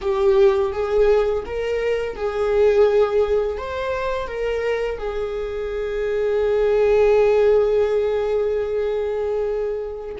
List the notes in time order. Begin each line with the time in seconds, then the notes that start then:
0.01 G4
0.72 G#4
1.45 A#4
2.16 G#4
3.57 C5
4.27 A#4
4.98 G#4